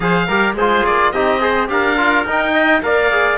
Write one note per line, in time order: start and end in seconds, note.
0.00 0.28 F3
0.00 0.28 G#4
0.00 0.27 C5
0.00 0.54 F5
0.27 0.53 G3
0.27 0.57 G4
0.27 0.55 A#4
0.53 0.81 G#3
0.53 1.13 G#4
0.53 0.85 C5
0.60 1.14 F4
0.85 1.12 A#3
0.85 1.11 D5
1.11 1.69 C4
1.11 1.40 D#4
1.11 1.42 G4
1.11 1.68 D#5
1.40 1.67 G#4
1.40 1.70 C5
1.67 2.24 D4
1.67 1.96 G4
1.67 2.52 A#4
1.67 2.25 F5
1.97 2.25 F4
2.24 2.81 D#4
2.24 2.82 D#4
2.31 2.82 G5
2.52 2.81 D#5
2.82 3.37 A#3
2.82 3.10 A#4
2.82 3.37 D5
2.82 3.37 F5
3.11 3.37 G#4